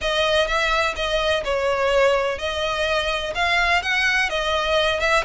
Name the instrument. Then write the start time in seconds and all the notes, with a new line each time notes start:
violin
0.01 D#5
0.47 E5
0.95 D#5
1.44 C#5
2.38 D#5
3.34 F5
3.82 F#5
4.29 D#5
5.00 E5